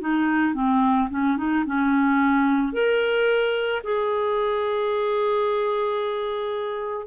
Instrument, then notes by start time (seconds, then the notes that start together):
clarinet
0.00 D#4
0.54 C4
1.10 C#4
1.37 D#4
1.66 C#4
2.72 A#4
3.83 G#4